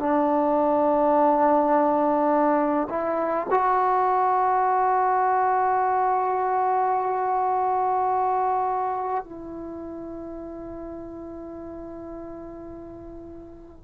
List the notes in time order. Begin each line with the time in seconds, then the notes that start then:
0.00 D4
2.90 E4
3.51 F#4
9.25 E4